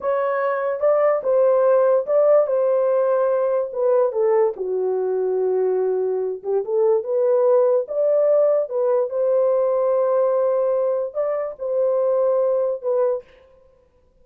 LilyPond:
\new Staff \with { instrumentName = "horn" } { \time 4/4 \tempo 4 = 145 cis''2 d''4 c''4~ | c''4 d''4 c''2~ | c''4 b'4 a'4 fis'4~ | fis'2.~ fis'8 g'8 |
a'4 b'2 d''4~ | d''4 b'4 c''2~ | c''2. d''4 | c''2. b'4 | }